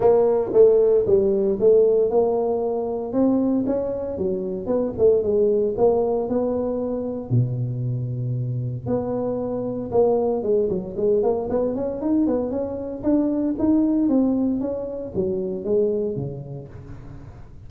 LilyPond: \new Staff \with { instrumentName = "tuba" } { \time 4/4 \tempo 4 = 115 ais4 a4 g4 a4 | ais2 c'4 cis'4 | fis4 b8 a8 gis4 ais4 | b2 b,2~ |
b,4 b2 ais4 | gis8 fis8 gis8 ais8 b8 cis'8 dis'8 b8 | cis'4 d'4 dis'4 c'4 | cis'4 fis4 gis4 cis4 | }